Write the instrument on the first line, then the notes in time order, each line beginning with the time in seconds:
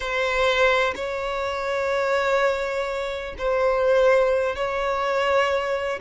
violin
0.00 C5
0.95 C#5
3.38 C5
4.55 C#5